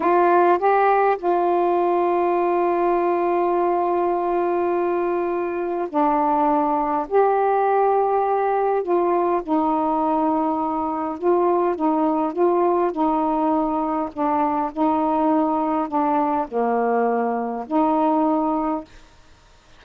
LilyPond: \new Staff \with { instrumentName = "saxophone" } { \time 4/4 \tempo 4 = 102 f'4 g'4 f'2~ | f'1~ | f'2 d'2 | g'2. f'4 |
dis'2. f'4 | dis'4 f'4 dis'2 | d'4 dis'2 d'4 | ais2 dis'2 | }